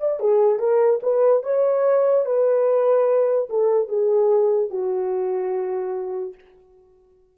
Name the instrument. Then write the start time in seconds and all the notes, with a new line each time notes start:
horn
0.00 D5
0.20 G#4
0.59 A#4
1.03 B4
1.43 C#5
2.26 B4
3.50 A4
3.89 G#4
4.70 F#4